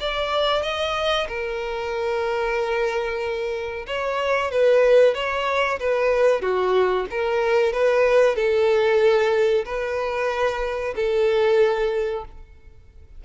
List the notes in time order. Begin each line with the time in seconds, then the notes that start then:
0.00 D5
0.62 D#5
1.28 A#4
3.87 C#5
4.51 B4
5.15 C#5
5.80 B4
6.41 F#4
7.11 A#4
7.73 B4
8.36 A4
9.65 B4
10.96 A4